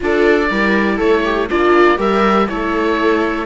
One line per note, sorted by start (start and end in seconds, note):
0.00 0.50 D4
0.00 0.47 F4
0.00 0.49 A4
0.00 0.99 D5
0.49 1.00 G3
0.49 1.49 E4
0.49 0.96 A#4
0.96 1.49 A3
0.96 1.21 A4
0.96 1.48 C#5
1.24 1.49 G4
1.49 1.98 A#3
1.49 1.96 D4
1.49 1.98 F4
1.49 1.99 D5
1.96 2.48 G3
1.96 2.45 G4
1.96 2.48 A#4
1.96 2.48 E5
2.48 3.45 A3
2.48 3.45 E4
2.48 3.45 A4
2.48 3.45 C#5